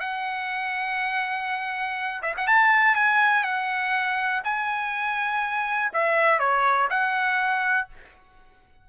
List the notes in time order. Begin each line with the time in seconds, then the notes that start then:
0.00 F#5
2.22 E5
2.37 F#5
2.47 A5
2.95 G#5
3.44 F#5
4.44 G#5
5.93 E5
6.39 C#5
6.90 F#5